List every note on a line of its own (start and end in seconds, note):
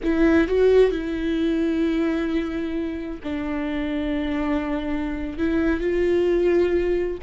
0.03 0.47 E4
0.47 0.91 F#4
0.91 3.20 E4
3.23 5.38 D4
5.38 5.80 E4
5.80 7.17 F4